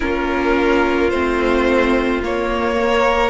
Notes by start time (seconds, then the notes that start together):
0.00 A#3 C#4 F4 A#4
1.09 A3 C4 C5
2.23 A#3 C#5
2.80 A#4